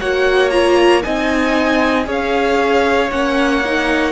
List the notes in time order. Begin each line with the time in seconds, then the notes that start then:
0.00 A#3 F#4 C#5 F#5
0.50 F4 A#5
1.02 C4 D#4 D#5 G#5
2.04 C#4 G#4 C#5
2.11 F5
3.11 A#3 C#4 F#5
3.65 D#4